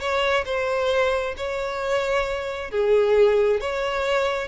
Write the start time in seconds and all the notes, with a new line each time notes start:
0.00 C#5
0.46 C5
1.37 C#5
2.71 G#4
3.61 C#5